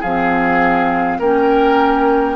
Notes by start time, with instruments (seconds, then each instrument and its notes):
0.00 bassoon F3, clarinet C4, oboe G#4, flute F5
1.19 bassoon A#3, clarinet C#4, oboe A#4, flute G5